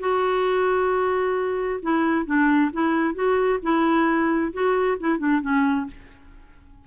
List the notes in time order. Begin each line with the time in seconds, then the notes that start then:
0.00 F#4
1.83 E4
2.26 D4
2.73 E4
3.15 F#4
3.63 E4
4.53 F#4
5.00 E4
5.19 D4
5.42 C#4